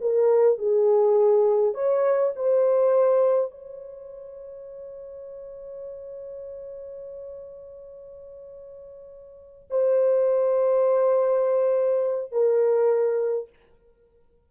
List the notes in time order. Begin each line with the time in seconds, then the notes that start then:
0.00 A#4
0.58 G#4
1.74 C#5
2.35 C5
3.51 C#5
9.70 C5
12.31 A#4